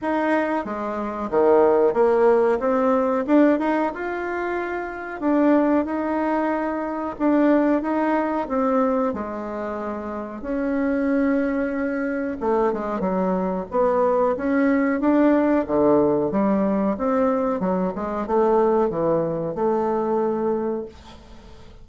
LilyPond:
\new Staff \with { instrumentName = "bassoon" } { \time 4/4 \tempo 4 = 92 dis'4 gis4 dis4 ais4 | c'4 d'8 dis'8 f'2 | d'4 dis'2 d'4 | dis'4 c'4 gis2 |
cis'2. a8 gis8 | fis4 b4 cis'4 d'4 | d4 g4 c'4 fis8 gis8 | a4 e4 a2 | }